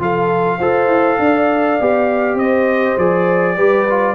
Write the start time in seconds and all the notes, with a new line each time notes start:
0.00 F3 F4 A4 F5
0.58 F4 A4 C5
0.87 E4
1.19 D4 D5
1.81 B3 G4
2.35 C4 C5 D#5
2.98 F3 G#4 D5
3.56 G3 G4 B4
3.90 F4